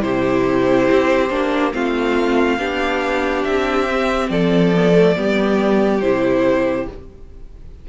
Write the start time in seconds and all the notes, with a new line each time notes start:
0.00 C3 E4 G4 C5
0.91 C4
1.30 A#3 D4
1.72 A3 C4 F4 F5
2.59 B3 D4 G4
3.44 C4 E5
3.88 C4
4.30 F3 A4 D5
4.76 B3
4.93 A3
5.15 G3 B3 G4
6.01 C3 E4 C5